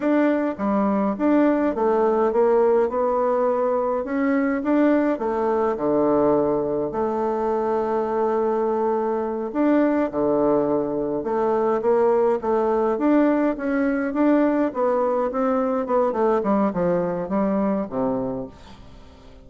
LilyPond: \new Staff \with { instrumentName = "bassoon" } { \time 4/4 \tempo 4 = 104 d'4 g4 d'4 a4 | ais4 b2 cis'4 | d'4 a4 d2 | a1~ |
a8 d'4 d2 a8~ | a8 ais4 a4 d'4 cis'8~ | cis'8 d'4 b4 c'4 b8 | a8 g8 f4 g4 c4 | }